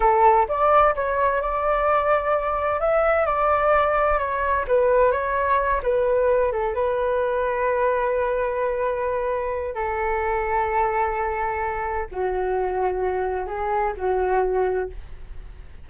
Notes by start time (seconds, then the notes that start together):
0.00 A4
0.48 D5
0.95 C#5
1.41 D5
2.79 E5
3.26 D5
4.18 C#5
4.67 B4
5.11 C#5
5.82 B4
6.51 A4
6.74 B4
9.74 A4
12.11 F#4
13.46 G#4
13.96 F#4